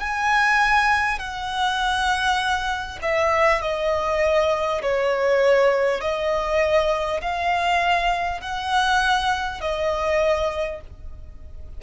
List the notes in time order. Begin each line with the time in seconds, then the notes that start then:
0.00 G#5
1.18 F#5
3.02 E5
3.61 D#5
4.82 C#5
6.00 D#5
7.21 F5
8.41 F#5
9.61 D#5